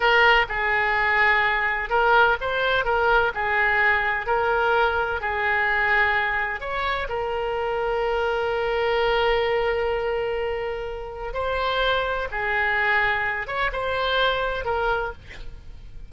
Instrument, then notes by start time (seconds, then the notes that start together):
oboe
0.00 A#4
0.48 G#4
1.89 A#4
2.41 C5
2.85 A#4
3.34 G#4
4.26 A#4
5.20 G#4
6.60 C#5
7.09 A#4
11.33 C5
12.31 G#4
13.47 C#5
13.72 C5
14.65 A#4